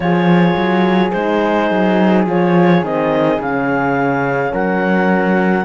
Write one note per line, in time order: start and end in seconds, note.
0.00 0.54 F3
0.00 1.12 F4
0.00 4.52 G#4
0.00 1.11 C#5
0.55 1.12 F#3
1.11 1.70 G#3
1.11 2.27 D#4
1.11 2.24 C5
1.70 2.26 F#3
2.26 2.81 F3
2.26 2.83 F4
2.26 2.84 C#5
2.81 3.38 D#3
2.81 3.40 C4
2.81 3.41 D#5
3.39 4.52 C#3
3.39 5.65 C#4
3.39 4.54 F5
4.52 5.65 F#3
4.52 5.65 A#4
4.52 5.65 F#5